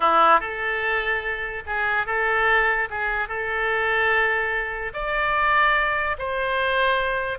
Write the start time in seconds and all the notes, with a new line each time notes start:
0.00 E4
0.40 A4
1.66 G#4
2.06 A4
2.90 G#4
3.28 A4
4.93 D5
6.18 C5